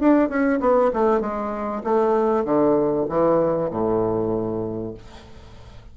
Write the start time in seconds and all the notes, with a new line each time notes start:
0.00 D4
0.29 C#4
0.60 B3
0.93 A3
1.21 G#3
1.84 A3
2.45 D3
3.09 E3
3.71 A2